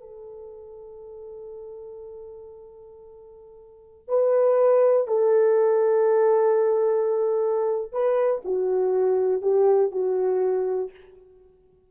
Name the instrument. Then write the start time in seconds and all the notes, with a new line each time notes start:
horn
0.00 A4
4.08 B4
5.07 A4
7.92 B4
8.44 F#4
9.42 G4
9.91 F#4